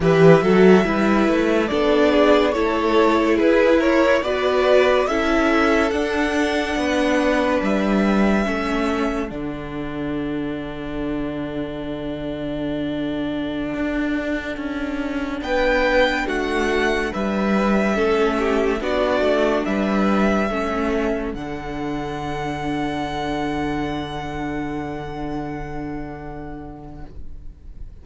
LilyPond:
<<
  \new Staff \with { instrumentName = "violin" } { \time 4/4 \tempo 4 = 71 e''2 d''4 cis''4 | b'8 cis''8 d''4 e''4 fis''4~ | fis''4 e''2 fis''4~ | fis''1~ |
fis''2~ fis''16 g''4 fis''8.~ | fis''16 e''2 d''4 e''8.~ | e''4~ e''16 fis''2~ fis''8.~ | fis''1 | }
  \new Staff \with { instrumentName = "violin" } { \time 4/4 b'8 a'8 b'4 a'8 gis'8 a'4 | gis'8 ais'8 b'4 a'2 | b'2 a'2~ | a'1~ |
a'2~ a'16 b'4 fis'8.~ | fis'16 b'4 a'8 g'8 fis'4 b'8.~ | b'16 a'2.~ a'8.~ | a'1 | }
  \new Staff \with { instrumentName = "viola" } { \time 4/4 g'8 fis'8 e'4 d'4 e'4~ | e'4 fis'4 e'4 d'4~ | d'2 cis'4 d'4~ | d'1~ |
d'1~ | d'4~ d'16 cis'4 d'4.~ d'16~ | d'16 cis'4 d'2~ d'8.~ | d'1 | }
  \new Staff \with { instrumentName = "cello" } { \time 4/4 e8 fis8 g8 a8 b4 a4 | e'4 b4 cis'4 d'4 | b4 g4 a4 d4~ | d1~ |
d16 d'4 cis'4 b4 a8.~ | a16 g4 a4 b8 a8 g8.~ | g16 a4 d2~ d8.~ | d1 | }
>>